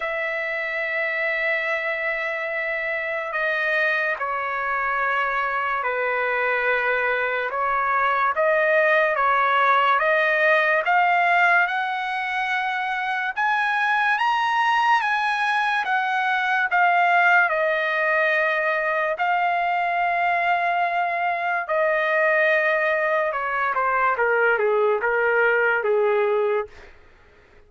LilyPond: \new Staff \with { instrumentName = "trumpet" } { \time 4/4 \tempo 4 = 72 e''1 | dis''4 cis''2 b'4~ | b'4 cis''4 dis''4 cis''4 | dis''4 f''4 fis''2 |
gis''4 ais''4 gis''4 fis''4 | f''4 dis''2 f''4~ | f''2 dis''2 | cis''8 c''8 ais'8 gis'8 ais'4 gis'4 | }